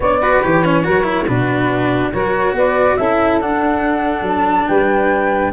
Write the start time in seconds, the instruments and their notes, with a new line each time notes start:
0.00 tuba B3, cello D4, saxophone C#5, flute D5
0.20 cello F#4, saxophone B4
0.43 tuba E3, cello G4, flute C#5
0.64 cello C#4
0.83 tuba F#3, cello F#4, saxophone A#4
1.03 cello E4
1.27 tuba B2, cello D4, saxophone F#4, flute B4
2.12 tuba F#3, cello F#4, saxophone A#4, flute C#5
2.52 tuba B3, saxophone B4, flute D5
2.96 tuba C#4, cello E4, saxophone A4, flute E5
3.40 tuba D4, cello D4, flute F#5
4.21 tuba F#3
4.28 flute A5
4.68 tuba G3, saxophone B4, flute G5